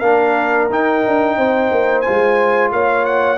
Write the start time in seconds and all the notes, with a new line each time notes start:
0.00 A#3 D4 A#4 F5
0.70 D#4 G5
1.07 D4
1.37 C4 C5
1.72 A#3
2.02 F4 G#5
2.09 G#3
2.72 A#3 C#5 F5
3.05 F#5